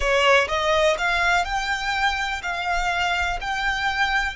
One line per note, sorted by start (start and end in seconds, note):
0.00 0.47 C#5
0.48 0.96 D#5
0.98 1.45 F5
1.45 2.41 G5
2.42 3.39 F5
3.40 4.36 G5